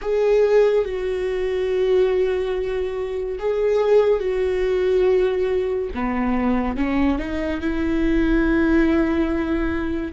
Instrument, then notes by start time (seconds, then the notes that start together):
viola
0.01 G#4
0.85 F#4
3.38 G#4
4.19 F#4
5.94 B3
6.76 C#4
7.18 D#4
7.61 E4